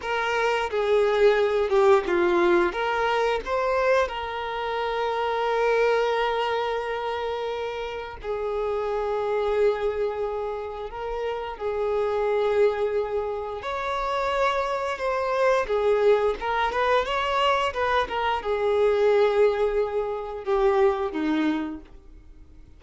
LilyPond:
\new Staff \with { instrumentName = "violin" } { \time 4/4 \tempo 4 = 88 ais'4 gis'4. g'8 f'4 | ais'4 c''4 ais'2~ | ais'1 | gis'1 |
ais'4 gis'2. | cis''2 c''4 gis'4 | ais'8 b'8 cis''4 b'8 ais'8 gis'4~ | gis'2 g'4 dis'4 | }